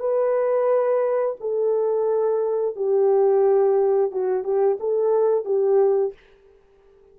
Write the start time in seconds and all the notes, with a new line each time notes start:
0.00 B4
1.40 A4
2.76 G4
4.12 F#4
4.44 G4
4.80 A4
5.45 G4